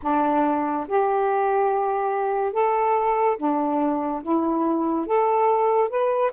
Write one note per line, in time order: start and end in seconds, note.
0.02 0.87 D4
0.88 2.52 G4
2.52 3.37 A4
3.37 4.22 D4
4.23 5.06 E4
5.06 5.89 A4
5.89 6.31 B4